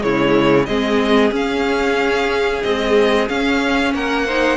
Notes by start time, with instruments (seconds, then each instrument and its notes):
0.00 cello C#3, viola G#3, violin E4 C#5
0.66 cello G#3, viola C4, violin G#4 D#5
1.31 viola C#4, cello C#4, violin F5
2.63 viola G#3, cello C4, violin D#5
3.29 viola C#4, cello C#4, violin F5
3.94 cello A#3, violin A#4 F#5
4.26 viola D#4, violin C5